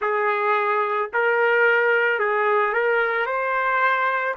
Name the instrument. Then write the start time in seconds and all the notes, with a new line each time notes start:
trumpet
0.00 G#4
1.13 A#4
2.19 G#4
2.73 A#4
3.25 C5